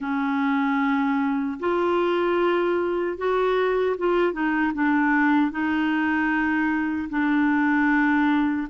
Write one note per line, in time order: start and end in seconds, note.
0.00 1.58 C#4
1.59 3.17 F4
3.17 3.96 F#4
3.97 4.32 F4
4.32 4.72 D#4
4.74 5.50 D4
5.50 7.08 D#4
7.09 8.67 D4